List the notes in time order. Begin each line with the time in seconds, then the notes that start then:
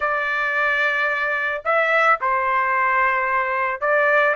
0.00 D5
1.64 E5
2.20 C5
3.80 D5